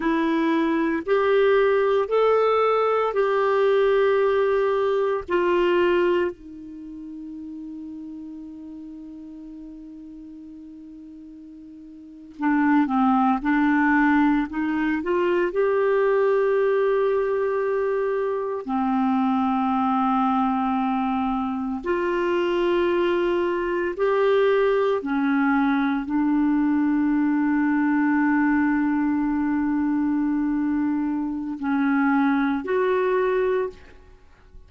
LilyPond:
\new Staff \with { instrumentName = "clarinet" } { \time 4/4 \tempo 4 = 57 e'4 g'4 a'4 g'4~ | g'4 f'4 dis'2~ | dis'2.~ dis'8. d'16~ | d'16 c'8 d'4 dis'8 f'8 g'4~ g'16~ |
g'4.~ g'16 c'2~ c'16~ | c'8. f'2 g'4 cis'16~ | cis'8. d'2.~ d'16~ | d'2 cis'4 fis'4 | }